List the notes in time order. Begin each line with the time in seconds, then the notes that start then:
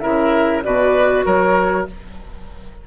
0.00 C#3 E4 A#4 E5
0.63 B2 F#4 B4 D5
1.26 F#3 A#4 C#5